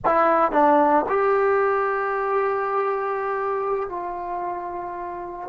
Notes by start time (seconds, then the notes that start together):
0.05 E4
0.51 D4
1.08 G4
3.89 F4